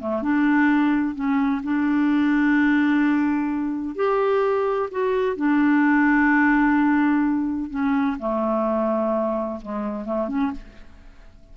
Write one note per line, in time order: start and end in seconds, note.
0.00 0.22 A3
0.22 1.15 D4
1.15 1.62 C#4
1.64 3.96 D4
3.96 4.90 G4
4.91 5.36 F#4
5.36 7.70 D4
7.70 8.17 C#4
8.19 9.60 A3
9.62 10.05 G#3
10.05 10.28 A3
10.28 10.52 C#4